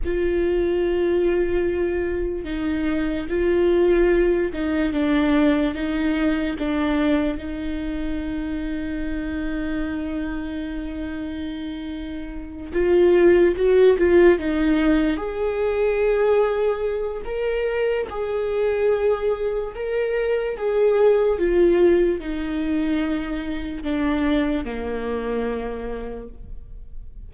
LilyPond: \new Staff \with { instrumentName = "viola" } { \time 4/4 \tempo 4 = 73 f'2. dis'4 | f'4. dis'8 d'4 dis'4 | d'4 dis'2.~ | dis'2.~ dis'8 f'8~ |
f'8 fis'8 f'8 dis'4 gis'4.~ | gis'4 ais'4 gis'2 | ais'4 gis'4 f'4 dis'4~ | dis'4 d'4 ais2 | }